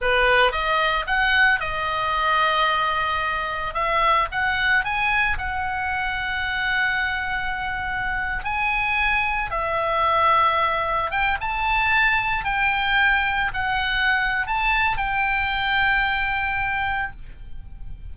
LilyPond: \new Staff \with { instrumentName = "oboe" } { \time 4/4 \tempo 4 = 112 b'4 dis''4 fis''4 dis''4~ | dis''2. e''4 | fis''4 gis''4 fis''2~ | fis''2.~ fis''8. gis''16~ |
gis''4.~ gis''16 e''2~ e''16~ | e''8. g''8 a''2 g''8.~ | g''4~ g''16 fis''4.~ fis''16 a''4 | g''1 | }